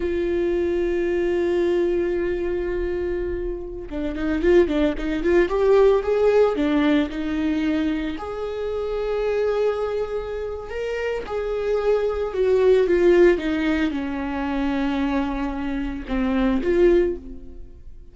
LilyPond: \new Staff \with { instrumentName = "viola" } { \time 4/4 \tempo 4 = 112 f'1~ | f'2.~ f'16 d'8 dis'16~ | dis'16 f'8 d'8 dis'8 f'8 g'4 gis'8.~ | gis'16 d'4 dis'2 gis'8.~ |
gis'1 | ais'4 gis'2 fis'4 | f'4 dis'4 cis'2~ | cis'2 c'4 f'4 | }